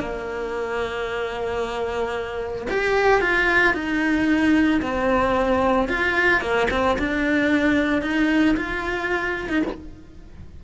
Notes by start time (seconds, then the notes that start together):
0.00 A#3
2.71 G4
3.21 F4
3.74 D#4
4.82 C4
5.89 F4
6.41 A#3
6.71 C4
6.99 D4
8.02 D#4
8.57 F4
9.49 D#4